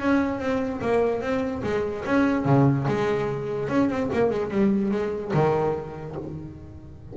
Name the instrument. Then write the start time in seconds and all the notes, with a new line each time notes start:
double bass
0.00 C#4
0.39 C4
0.81 A#3
1.21 C4
1.63 G#3
2.06 C#4
2.45 C#3
2.88 G#3
3.69 C#4
3.90 C4
4.13 A#3
4.31 G#3
4.51 G3
4.91 G#3
5.34 D#3